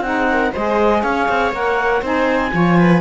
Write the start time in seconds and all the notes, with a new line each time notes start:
0.00 C4 D#4 G#4 F#5
0.32 A#4
0.52 G#3 G#4 C5 D#5
1.02 C#4 C#5 F5
1.29 C4
1.52 A#3 A#4 F#5
2.01 C4 D#4 C5 G#5
2.51 F3 F4 C#5
2.78 B4